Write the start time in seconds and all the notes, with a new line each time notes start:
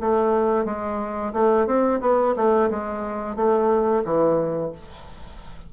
0.00 A3
0.65 G#3
1.33 A3
1.67 C4
2.01 B3
2.36 A3
2.70 G#3
3.36 A3
4.04 E3